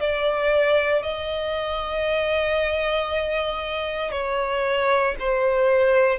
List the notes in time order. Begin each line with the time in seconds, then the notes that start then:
0.00 D5
1.03 D#5
4.11 C#5
5.20 C5